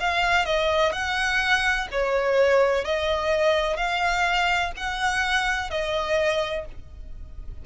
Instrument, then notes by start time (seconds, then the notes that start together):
violin
0.00 F5
0.46 D#5
0.93 F#5
1.92 C#5
2.85 D#5
3.77 F5
4.77 F#5
5.71 D#5